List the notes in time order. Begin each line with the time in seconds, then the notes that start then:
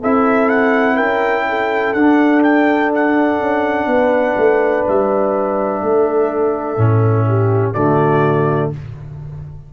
0.00 C4 E4 A4 E5
0.49 F#5
0.95 C#4 A#4 G5
1.49 A4
1.94 D4 F#5
2.43 G5
2.95 F#5
3.39 C#4
3.86 B3 B4
4.37 A3
4.88 G3 E5
5.82 A3 A4
6.77 A2 C#4
7.27 G4
7.73 D3 A3 F#4 D5